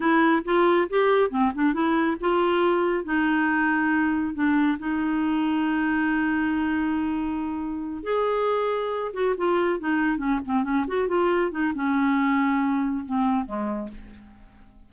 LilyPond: \new Staff \with { instrumentName = "clarinet" } { \time 4/4 \tempo 4 = 138 e'4 f'4 g'4 c'8 d'8 | e'4 f'2 dis'4~ | dis'2 d'4 dis'4~ | dis'1~ |
dis'2~ dis'8 gis'4.~ | gis'4 fis'8 f'4 dis'4 cis'8 | c'8 cis'8 fis'8 f'4 dis'8 cis'4~ | cis'2 c'4 gis4 | }